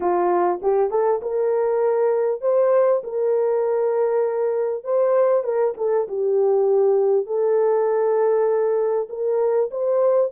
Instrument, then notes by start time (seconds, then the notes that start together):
horn
0.00 F4
0.61 G4
0.90 A4
1.22 A#4
2.41 C5
3.03 A#4
4.83 C5
5.43 A#4
5.77 A4
6.08 G4
7.26 A4
9.09 A#4
9.70 C5